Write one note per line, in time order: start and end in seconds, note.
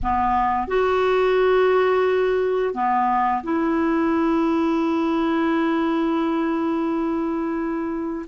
0.03 0.67 B3
0.67 2.74 F#4
2.74 3.43 B3
3.43 8.26 E4